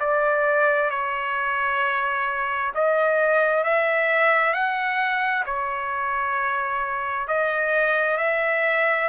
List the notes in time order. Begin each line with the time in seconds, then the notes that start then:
0.00 D5
0.90 C#5
2.75 D#5
3.64 E5
4.54 F#5
5.46 C#5
7.28 D#5
8.18 E5